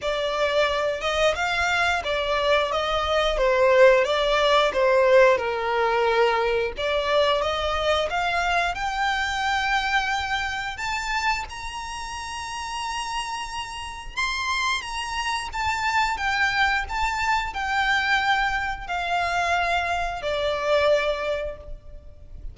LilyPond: \new Staff \with { instrumentName = "violin" } { \time 4/4 \tempo 4 = 89 d''4. dis''8 f''4 d''4 | dis''4 c''4 d''4 c''4 | ais'2 d''4 dis''4 | f''4 g''2. |
a''4 ais''2.~ | ais''4 c'''4 ais''4 a''4 | g''4 a''4 g''2 | f''2 d''2 | }